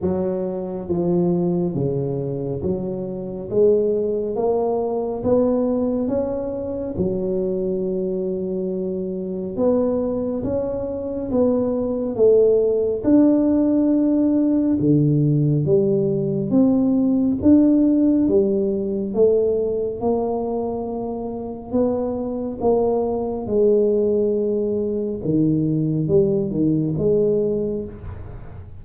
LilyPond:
\new Staff \with { instrumentName = "tuba" } { \time 4/4 \tempo 4 = 69 fis4 f4 cis4 fis4 | gis4 ais4 b4 cis'4 | fis2. b4 | cis'4 b4 a4 d'4~ |
d'4 d4 g4 c'4 | d'4 g4 a4 ais4~ | ais4 b4 ais4 gis4~ | gis4 dis4 g8 dis8 gis4 | }